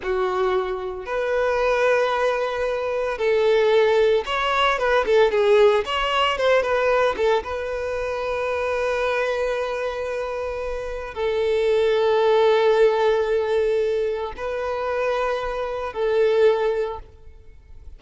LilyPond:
\new Staff \with { instrumentName = "violin" } { \time 4/4 \tempo 4 = 113 fis'2 b'2~ | b'2 a'2 | cis''4 b'8 a'8 gis'4 cis''4 | c''8 b'4 a'8 b'2~ |
b'1~ | b'4 a'2.~ | a'2. b'4~ | b'2 a'2 | }